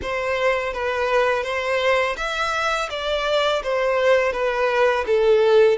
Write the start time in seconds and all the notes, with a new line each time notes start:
0.02 C5
0.73 B4
1.43 C5
2.17 E5
2.89 D5
3.63 C5
4.32 B4
5.06 A4